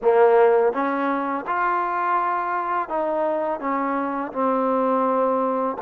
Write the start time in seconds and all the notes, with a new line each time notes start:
0.02 A#3
0.72 C#4
1.46 F4
2.88 D#4
3.59 C#4
4.32 C4